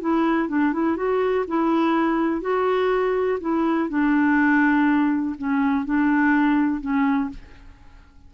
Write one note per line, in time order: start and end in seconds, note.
0.00 0.48 E4
0.48 0.73 D4
0.73 0.96 E4
0.96 1.45 F#4
1.47 2.41 E4
2.41 3.38 F#4
3.40 3.89 E4
3.89 5.35 D4
5.38 5.85 C#4
5.85 6.80 D4
6.80 7.29 C#4